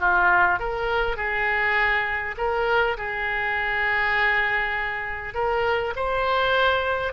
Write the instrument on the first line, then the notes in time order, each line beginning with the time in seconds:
oboe
0.00 F4
0.59 A#4
1.16 G#4
2.37 A#4
2.97 G#4
5.34 A#4
5.96 C5